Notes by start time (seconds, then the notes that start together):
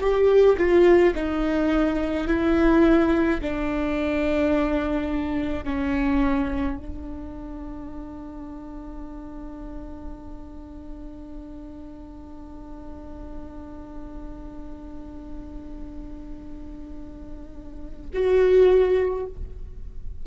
0.00 G4
0.57 F4
1.15 D#4
2.27 E4
3.41 D4
5.64 C#4
6.77 D4
18.13 F#4